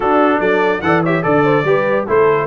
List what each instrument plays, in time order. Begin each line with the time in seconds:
0.00 trombone D4, tuba D4, horn F#4, trumpet A4
0.39 tuba F#3, horn A4, trumpet D5
0.81 tuba E3, trombone A4, horn D5, trumpet F#5
1.03 trombone G4, horn C#5, trumpet E5
1.22 tuba D3, trombone A4, trumpet D5, horn D5
1.43 horn C5
1.63 tuba G3, trombone G4, horn B4
2.07 tuba A3, trombone E4, horn A4, trumpet C5